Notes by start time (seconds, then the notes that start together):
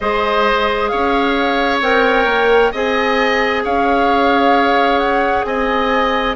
0.00 G#3 G#4 C5 D#5
0.88 C#4 C#5 F5
1.81 C4 A#4 G5
2.25 A#3
2.71 C4 G#4 D#5 G#5
3.63 C#4 C#5 F5
4.98 F#5
5.44 C4 D#5 G#5